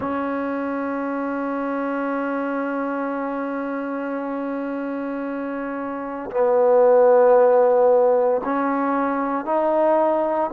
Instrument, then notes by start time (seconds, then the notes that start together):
trombone
0.00 C#4
6.31 B3
8.44 C#4
9.44 D#4